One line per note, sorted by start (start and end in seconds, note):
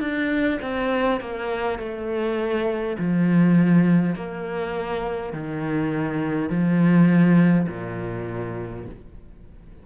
0.00 0.59 D4
0.61 1.20 C4
1.20 1.79 A#3
1.79 2.97 A3
2.98 4.16 F3
4.16 5.33 A#3
5.33 6.50 D#3
6.50 7.67 F3
7.68 8.86 A#2